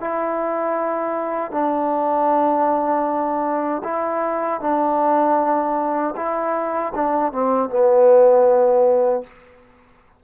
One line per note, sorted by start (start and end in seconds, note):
0.00 1.52 E4
1.52 3.83 D4
3.84 4.61 E4
4.61 6.15 D4
6.16 6.93 E4
6.94 7.33 D4
7.33 7.70 C4
7.70 9.23 B3